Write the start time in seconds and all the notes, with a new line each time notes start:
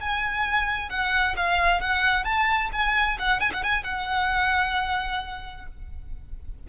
0.00 G#5
0.89 F#5
1.36 F5
1.80 F#5
2.24 A5
2.72 G#5
3.19 F#5
3.40 G#5
3.53 F#5
3.63 G#5
3.83 F#5